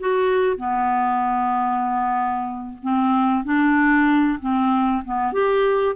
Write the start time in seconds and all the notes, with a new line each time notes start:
0.00 F#4
0.57 B3
2.82 C4
3.44 D4
4.40 C4
5.05 B3
5.33 G4